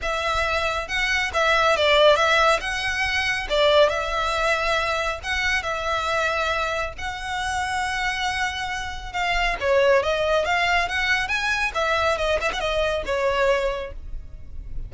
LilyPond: \new Staff \with { instrumentName = "violin" } { \time 4/4 \tempo 4 = 138 e''2 fis''4 e''4 | d''4 e''4 fis''2 | d''4 e''2. | fis''4 e''2. |
fis''1~ | fis''4 f''4 cis''4 dis''4 | f''4 fis''4 gis''4 e''4 | dis''8 e''16 fis''16 dis''4 cis''2 | }